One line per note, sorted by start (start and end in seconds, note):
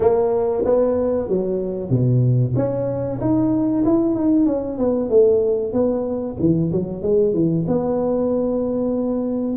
0.00 0.64 A#3
0.64 1.28 B3
1.28 1.90 F#3
1.90 2.54 B2
2.55 3.19 C#4
3.20 3.84 D#4
3.85 4.15 E4
4.15 4.46 D#4
4.46 4.78 C#4
4.78 5.09 B3
5.09 5.72 A3
5.72 6.36 B3
6.39 6.71 E3
6.72 7.02 F#3
7.02 7.33 G#3
7.33 7.65 E3
7.67 9.57 B3